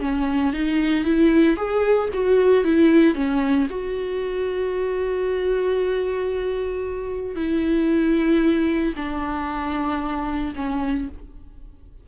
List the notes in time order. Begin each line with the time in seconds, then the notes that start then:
0.00 C#4
0.53 D#4
1.04 E4
1.56 G#4
2.13 F#4
2.64 E4
3.14 C#4
3.69 F#4
7.36 E4
8.96 D4
10.55 C#4